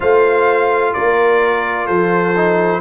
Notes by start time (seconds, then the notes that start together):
0.00 A3 F4 C5 F5
0.93 A#3 A#4 D5
1.86 F3 A4 C5
2.36 D#4